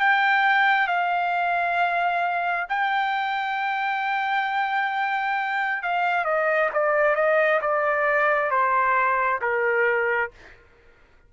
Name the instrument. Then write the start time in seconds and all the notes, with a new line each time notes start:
trumpet
0.00 G5
0.88 F5
2.69 G5
5.82 F5
6.24 D#5
6.73 D5
7.15 D#5
7.61 D5
8.50 C5
9.42 A#4